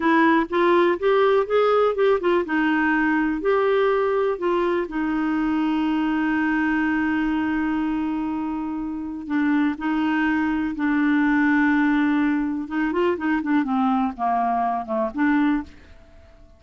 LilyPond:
\new Staff \with { instrumentName = "clarinet" } { \time 4/4 \tempo 4 = 123 e'4 f'4 g'4 gis'4 | g'8 f'8 dis'2 g'4~ | g'4 f'4 dis'2~ | dis'1~ |
dis'2. d'4 | dis'2 d'2~ | d'2 dis'8 f'8 dis'8 d'8 | c'4 ais4. a8 d'4 | }